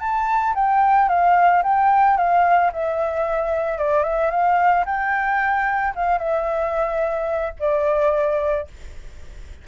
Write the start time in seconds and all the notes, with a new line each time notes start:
0.00 A5
0.55 G5
1.08 F5
1.63 G5
2.17 F5
2.72 E5
3.78 D5
4.03 E5
4.30 F5
4.86 G5
5.95 F5
6.18 E5
7.59 D5